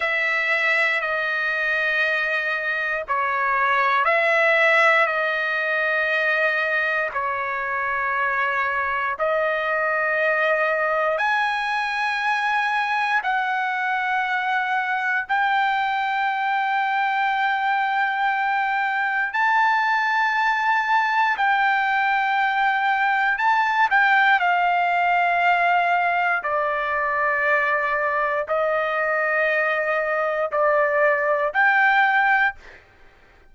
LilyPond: \new Staff \with { instrumentName = "trumpet" } { \time 4/4 \tempo 4 = 59 e''4 dis''2 cis''4 | e''4 dis''2 cis''4~ | cis''4 dis''2 gis''4~ | gis''4 fis''2 g''4~ |
g''2. a''4~ | a''4 g''2 a''8 g''8 | f''2 d''2 | dis''2 d''4 g''4 | }